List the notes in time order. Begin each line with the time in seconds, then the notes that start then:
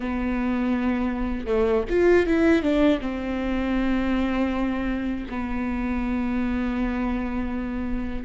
0.00 B3
1.46 A3
1.89 F4
2.26 E4
2.62 D4
3.00 C4
5.29 B3